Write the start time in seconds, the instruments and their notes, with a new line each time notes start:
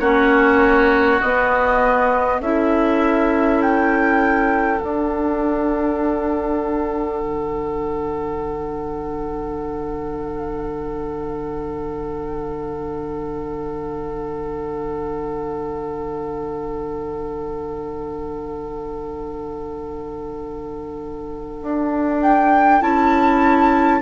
0.00 bassoon A#3, clarinet C#4, oboe F#4, flute C#5
1.21 bassoon B3, clarinet B3, flute D#5
2.40 bassoon C#4, clarinet E4, oboe A4, flute E5
3.62 flute G5
4.81 clarinet D4, bassoon D4, flute F#5
7.22 bassoon D3
21.62 bassoon D4
22.22 flute G5
22.80 bassoon C#4, clarinet E4, flute A5